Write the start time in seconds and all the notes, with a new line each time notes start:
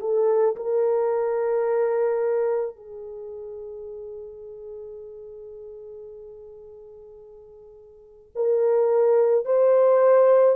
0.00 A4
0.56 A#4
2.76 G#4
8.35 A#4
9.45 C5